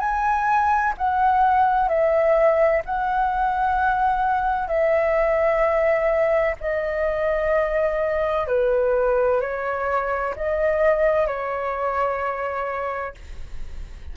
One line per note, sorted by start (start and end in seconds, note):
0.00 0.94 G#5
0.98 1.89 F#5
1.89 2.83 E5
2.86 4.68 F#5
4.68 6.55 E5
6.61 8.47 D#5
8.47 9.41 B4
9.41 10.35 C#5
10.36 11.27 D#5
11.27 13.15 C#5